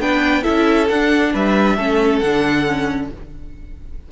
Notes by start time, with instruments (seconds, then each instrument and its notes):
0.00 cello B3, viola D4, violin B4 G5
0.43 cello C#4, viola E4, violin A4 E5
0.89 cello D4, viola D4, violin F#5
1.33 cello G3, violin B4 E5
1.76 cello A3, viola C#4, violin A4
2.19 cello D3, viola D4, violin F#5
2.66 viola C#4